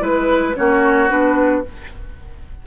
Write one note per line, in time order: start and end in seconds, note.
0.00 0.55 G#3
0.00 0.54 E4
0.00 0.56 B4
0.55 1.11 A#3
0.55 1.09 C#4
0.55 1.67 F#4
0.55 1.10 C#5
1.09 1.65 B3
1.09 1.63 D4
1.09 1.64 B4